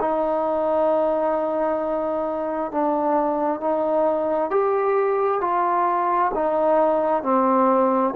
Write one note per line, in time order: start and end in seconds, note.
0.00 2.72 D#4
2.72 3.60 D4
3.60 4.50 D#4
4.50 5.41 G4
5.41 6.32 F4
6.35 7.23 D#4
7.23 8.14 C4